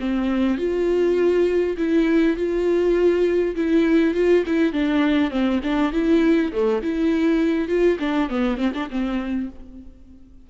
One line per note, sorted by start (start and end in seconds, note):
0.00 0.58 C4
0.58 1.77 F4
1.78 2.37 E4
2.37 3.56 F4
3.56 4.15 E4
4.15 4.44 F4
4.47 4.73 E4
4.73 5.31 D4
5.31 5.61 C4
5.64 5.93 D4
5.93 6.52 E4
6.53 6.82 A3
6.83 7.69 E4
7.69 7.98 F4
8.00 8.30 D4
8.30 8.58 B3
8.58 8.73 C4
8.75 8.90 D4
8.91 9.50 C4